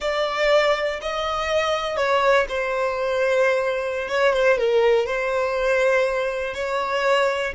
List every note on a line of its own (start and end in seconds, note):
0.00 1.00 D5
1.01 1.97 D#5
1.97 2.46 C#5
2.49 4.08 C5
4.08 4.33 C#5
4.33 4.58 C5
4.58 5.06 A#4
5.06 6.54 C5
6.54 7.53 C#5